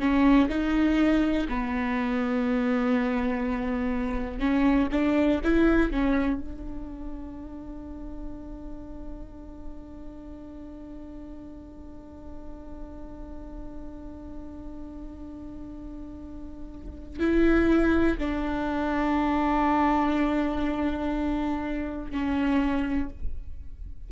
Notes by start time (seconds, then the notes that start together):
0.00 C#4
0.50 D#4
1.49 B3
4.40 C#4
4.92 D4
5.45 E4
5.92 C#4
6.41 D4
17.20 E4
18.19 D4
22.12 C#4